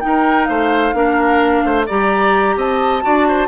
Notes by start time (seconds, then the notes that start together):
0.00 D#4 A#4 G5
0.44 A3 C5 F5
0.93 A#3 D4 A#4
1.64 A3 C5
1.86 G3 G4 D5 A#5
2.56 C4 D#5 A5
3.02 D4 F#4 D5
3.27 C5